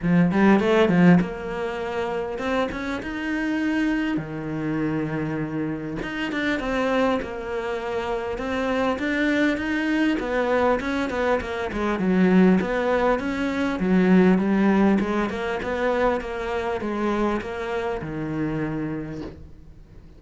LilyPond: \new Staff \with { instrumentName = "cello" } { \time 4/4 \tempo 4 = 100 f8 g8 a8 f8 ais2 | c'8 cis'8 dis'2 dis4~ | dis2 dis'8 d'8 c'4 | ais2 c'4 d'4 |
dis'4 b4 cis'8 b8 ais8 gis8 | fis4 b4 cis'4 fis4 | g4 gis8 ais8 b4 ais4 | gis4 ais4 dis2 | }